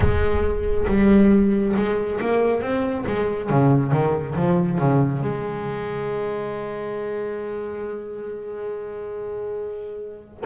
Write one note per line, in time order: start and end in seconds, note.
0.00 0.86 G#3
0.87 1.74 G3
1.75 2.19 G#3
2.20 2.61 A#3
2.61 3.04 C4
3.06 3.49 G#3
3.49 3.91 C#3
3.91 4.35 D#3
4.35 4.78 F3
4.78 5.21 C#3
5.21 10.43 G#3